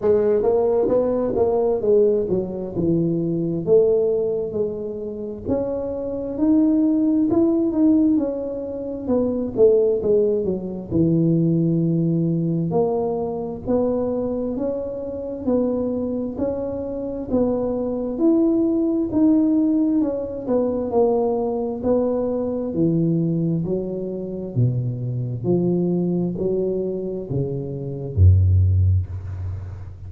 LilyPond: \new Staff \with { instrumentName = "tuba" } { \time 4/4 \tempo 4 = 66 gis8 ais8 b8 ais8 gis8 fis8 e4 | a4 gis4 cis'4 dis'4 | e'8 dis'8 cis'4 b8 a8 gis8 fis8 | e2 ais4 b4 |
cis'4 b4 cis'4 b4 | e'4 dis'4 cis'8 b8 ais4 | b4 e4 fis4 b,4 | f4 fis4 cis4 fis,4 | }